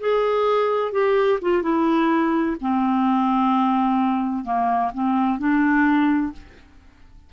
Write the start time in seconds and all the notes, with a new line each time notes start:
0.00 G#4
0.92 G4
1.42 F4
1.62 E4
2.61 C4
4.44 A#3
4.94 C4
5.39 D4